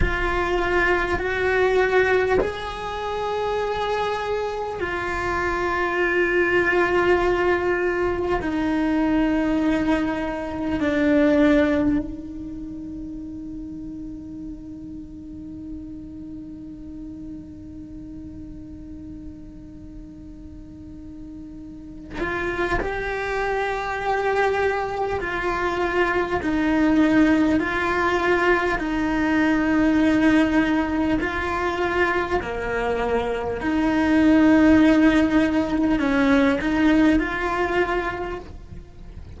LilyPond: \new Staff \with { instrumentName = "cello" } { \time 4/4 \tempo 4 = 50 f'4 fis'4 gis'2 | f'2. dis'4~ | dis'4 d'4 dis'2~ | dis'1~ |
dis'2~ dis'8 f'8 g'4~ | g'4 f'4 dis'4 f'4 | dis'2 f'4 ais4 | dis'2 cis'8 dis'8 f'4 | }